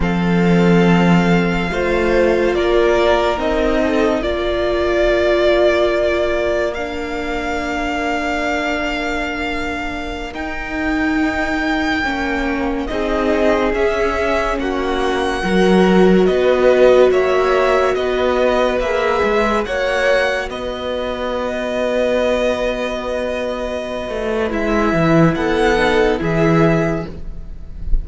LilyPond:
<<
  \new Staff \with { instrumentName = "violin" } { \time 4/4 \tempo 4 = 71 f''2. d''4 | dis''4 d''2. | f''1~ | f''16 g''2. dis''8.~ |
dis''16 e''4 fis''2 dis''8.~ | dis''16 e''4 dis''4 e''4 fis''8.~ | fis''16 dis''2.~ dis''8.~ | dis''4 e''4 fis''4 e''4 | }
  \new Staff \with { instrumentName = "violin" } { \time 4/4 a'2 c''4 ais'4~ | ais'8 a'8 ais'2.~ | ais'1~ | ais'2.~ ais'16 gis'8.~ |
gis'4~ gis'16 fis'4 ais'4 b'8.~ | b'16 cis''4 b'2 cis''8.~ | cis''16 b'2.~ b'8.~ | b'2 a'4 gis'4 | }
  \new Staff \with { instrumentName = "viola" } { \time 4/4 c'2 f'2 | dis'4 f'2. | d'1~ | d'16 dis'2 cis'4 dis'8.~ |
dis'16 cis'2 fis'4.~ fis'16~ | fis'2~ fis'16 gis'4 fis'8.~ | fis'1~ | fis'4 e'4. dis'8 e'4 | }
  \new Staff \with { instrumentName = "cello" } { \time 4/4 f2 a4 ais4 | c'4 ais2.~ | ais1~ | ais16 dis'2 ais4 c'8.~ |
c'16 cis'4 ais4 fis4 b8.~ | b16 ais4 b4 ais8 gis8 ais8.~ | ais16 b2.~ b8.~ | b8 a8 gis8 e8 b4 e4 | }
>>